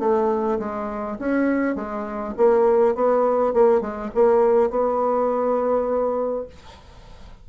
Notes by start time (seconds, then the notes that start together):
0.00 A3
0.59 G#3
1.20 C#4
1.76 G#3
2.37 A#3
2.95 B3
3.54 A#3
3.81 G#3
4.15 A#3
4.71 B3